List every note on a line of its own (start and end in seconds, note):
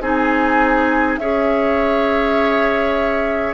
0.00 1.18 C4
0.00 1.19 D#4
0.00 1.19 G#4
0.00 1.18 G#5
1.18 3.53 C#4
1.18 3.53 G#4
1.18 3.53 C#5
1.18 3.53 E5